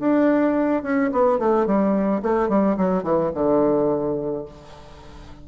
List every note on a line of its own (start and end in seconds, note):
0.00 0.83 D4
0.84 1.11 C#4
1.12 1.39 B3
1.39 1.67 A3
1.67 2.22 G3
2.23 2.49 A3
2.49 2.77 G3
2.78 3.04 F#3
3.04 3.32 E3
3.35 4.46 D3